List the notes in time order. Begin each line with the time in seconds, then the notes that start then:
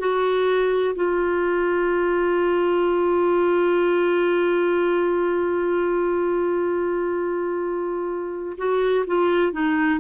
0.00 F#4
0.96 F4
8.58 F#4
9.07 F4
9.53 D#4